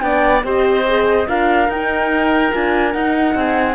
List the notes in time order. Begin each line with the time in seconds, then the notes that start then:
0.00 B3 D4 D5 G5
0.43 C4 G4 C5 D#5
0.86 G#4
1.27 D4 F4 A#4 F5
1.68 D#4 G5
2.51 D4 F4 G#5
2.92 D#4 F#5
3.34 C4 G#4